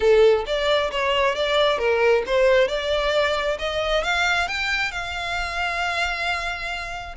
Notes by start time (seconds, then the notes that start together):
0.00 A4
0.46 D5
0.91 C#5
1.35 D5
1.78 A#4
2.26 C5
2.67 D5
3.58 D#5
4.03 F5
4.48 G5
4.91 F5